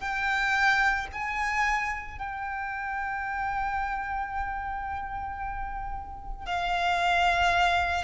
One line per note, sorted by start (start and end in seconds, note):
0.00 1.07 G5
1.12 2.18 G#5
2.18 6.46 G5
6.46 8.04 F5